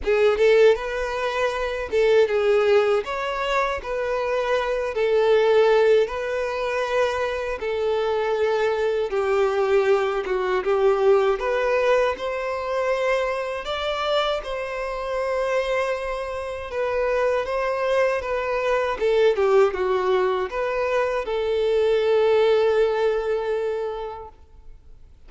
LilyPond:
\new Staff \with { instrumentName = "violin" } { \time 4/4 \tempo 4 = 79 gis'8 a'8 b'4. a'8 gis'4 | cis''4 b'4. a'4. | b'2 a'2 | g'4. fis'8 g'4 b'4 |
c''2 d''4 c''4~ | c''2 b'4 c''4 | b'4 a'8 g'8 fis'4 b'4 | a'1 | }